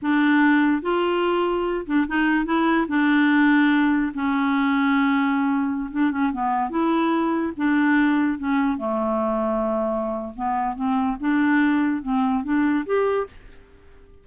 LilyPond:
\new Staff \with { instrumentName = "clarinet" } { \time 4/4 \tempo 4 = 145 d'2 f'2~ | f'8 d'8 dis'4 e'4 d'4~ | d'2 cis'2~ | cis'2~ cis'16 d'8 cis'8 b8.~ |
b16 e'2 d'4.~ d'16~ | d'16 cis'4 a2~ a8.~ | a4 b4 c'4 d'4~ | d'4 c'4 d'4 g'4 | }